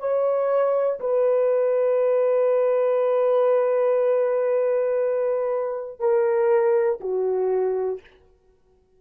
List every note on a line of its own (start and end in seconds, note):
0.00 1.00 C#5
1.00 6.00 B4
6.00 7.00 A#4
7.00 8.00 F#4